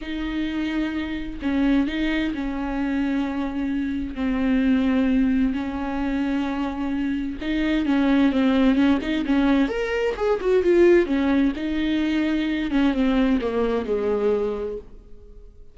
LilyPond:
\new Staff \with { instrumentName = "viola" } { \time 4/4 \tempo 4 = 130 dis'2. cis'4 | dis'4 cis'2.~ | cis'4 c'2. | cis'1 |
dis'4 cis'4 c'4 cis'8 dis'8 | cis'4 ais'4 gis'8 fis'8 f'4 | cis'4 dis'2~ dis'8 cis'8 | c'4 ais4 gis2 | }